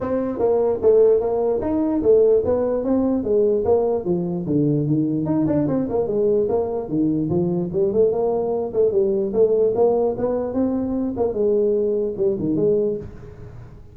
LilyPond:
\new Staff \with { instrumentName = "tuba" } { \time 4/4 \tempo 4 = 148 c'4 ais4 a4 ais4 | dis'4 a4 b4 c'4 | gis4 ais4 f4 d4 | dis4 dis'8 d'8 c'8 ais8 gis4 |
ais4 dis4 f4 g8 a8 | ais4. a8 g4 a4 | ais4 b4 c'4. ais8 | gis2 g8 dis8 gis4 | }